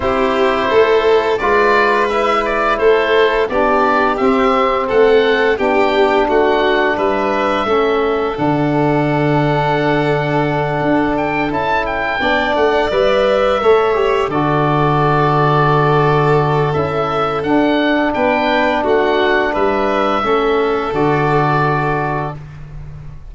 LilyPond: <<
  \new Staff \with { instrumentName = "oboe" } { \time 4/4 \tempo 4 = 86 c''2 d''4 e''8 d''8 | c''4 d''4 e''4 fis''4 | g''4 fis''4 e''2 | fis''1 |
g''8 a''8 g''4 fis''8 e''4.~ | e''8 d''2.~ d''8 | e''4 fis''4 g''4 fis''4 | e''2 d''2 | }
  \new Staff \with { instrumentName = "violin" } { \time 4/4 g'4 a'4 b'2 | a'4 g'2 a'4 | g'4 fis'4 b'4 a'4~ | a'1~ |
a'4. d''2 cis''8~ | cis''8 a'2.~ a'8~ | a'2 b'4 fis'4 | b'4 a'2. | }
  \new Staff \with { instrumentName = "trombone" } { \time 4/4 e'2 f'4 e'4~ | e'4 d'4 c'2 | d'2. cis'4 | d'1~ |
d'8 e'4 d'4 b'4 a'8 | g'8 fis'2.~ fis'8 | e'4 d'2.~ | d'4 cis'4 fis'2 | }
  \new Staff \with { instrumentName = "tuba" } { \time 4/4 c'4 a4 gis2 | a4 b4 c'4 a4 | b4 a4 g4 a4 | d2.~ d8 d'8~ |
d'8 cis'4 b8 a8 g4 a8~ | a8 d2.~ d8 | cis'4 d'4 b4 a4 | g4 a4 d2 | }
>>